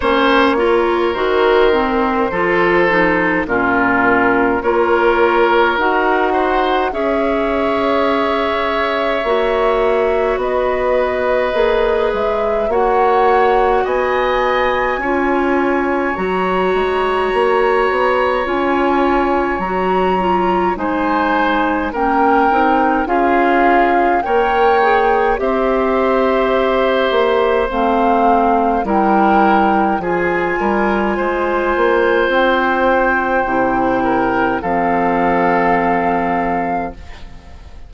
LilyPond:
<<
  \new Staff \with { instrumentName = "flute" } { \time 4/4 \tempo 4 = 52 cis''4 c''2 ais'4 | cis''4 fis''4 e''2~ | e''4 dis''4. e''8 fis''4 | gis''2 ais''2 |
gis''4 ais''4 gis''4 g''4 | f''4 g''4 e''2 | f''4 g''4 gis''2 | g''2 f''2 | }
  \new Staff \with { instrumentName = "oboe" } { \time 4/4 c''8 ais'4. a'4 f'4 | ais'4. c''8 cis''2~ | cis''4 b'2 cis''4 | dis''4 cis''2.~ |
cis''2 c''4 ais'4 | gis'4 cis''4 c''2~ | c''4 ais'4 gis'8 ais'8 c''4~ | c''4. ais'8 a'2 | }
  \new Staff \with { instrumentName = "clarinet" } { \time 4/4 cis'8 f'8 fis'8 c'8 f'8 dis'8 cis'4 | f'4 fis'4 gis'2 | fis'2 gis'4 fis'4~ | fis'4 f'4 fis'2 |
f'4 fis'8 f'8 dis'4 cis'8 dis'8 | f'4 ais'8 gis'8 g'2 | c'4 e'4 f'2~ | f'4 e'4 c'2 | }
  \new Staff \with { instrumentName = "bassoon" } { \time 4/4 ais4 dis4 f4 ais,4 | ais4 dis'4 cis'2 | ais4 b4 ais8 gis8 ais4 | b4 cis'4 fis8 gis8 ais8 b8 |
cis'4 fis4 gis4 ais8 c'8 | cis'4 ais4 c'4. ais8 | a4 g4 f8 g8 gis8 ais8 | c'4 c4 f2 | }
>>